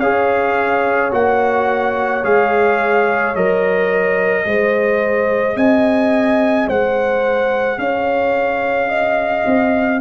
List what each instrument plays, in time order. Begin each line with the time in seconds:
0.00 tuba C#4, trombone G#4, horn C#5, trumpet F5
1.12 tuba A#3, trombone F#4, trumpet F#5
2.24 tuba G#3, trombone G#4, trumpet F5
3.36 tuba F#3, trombone A#4, trumpet D#5
4.45 tuba G#3, trombone G#4, horn C5
5.56 tuba C4, horn D#5, trumpet G#5
6.68 tuba G#3, horn C5, trumpet F#5
7.78 tuba C#4, horn C#5, trumpet F5
8.89 horn D#5
9.46 tuba C4